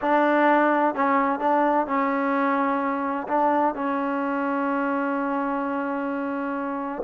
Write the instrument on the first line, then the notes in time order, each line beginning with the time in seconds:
trombone
0.01 D4
0.94 C#4
1.39 D4
1.86 C#4
3.27 D4
3.74 C#4